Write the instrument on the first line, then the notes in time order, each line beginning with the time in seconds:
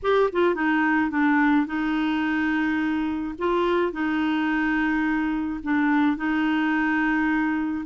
clarinet
0.02 G4
0.32 F4
0.54 D#4
1.10 D4
1.66 D#4
3.38 F4
3.92 D#4
5.63 D4
6.17 D#4